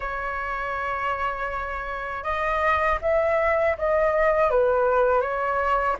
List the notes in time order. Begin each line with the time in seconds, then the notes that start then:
0.00 C#5
2.23 D#5
3.01 E5
3.77 D#5
4.50 B4
5.21 C#5